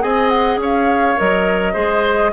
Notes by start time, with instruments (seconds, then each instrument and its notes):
0.00 bassoon C4, clarinet G#4, oboe D#5, flute G#5
0.29 flute F#5
0.57 bassoon C#4, oboe C#5
0.64 flute F5
1.17 bassoon F#3, clarinet A#4, flute D#5
1.73 bassoon G#3, clarinet G#4, oboe C5